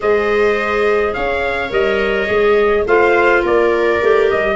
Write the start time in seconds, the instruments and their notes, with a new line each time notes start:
0.00 tuba G#3, clarinet G#4, viola C5, trumpet D#5
1.13 tuba C#4, viola C#5, trumpet F5
1.69 tuba G3, clarinet A#4, trumpet D#5
2.26 tuba G#3, clarinet G#4
2.85 tuba A3, clarinet F4, viola C5, trumpet F5
3.42 tuba A#3, viola A#4, trumpet D5
4.01 tuba A3, clarinet G4
4.30 tuba G3, trumpet D#5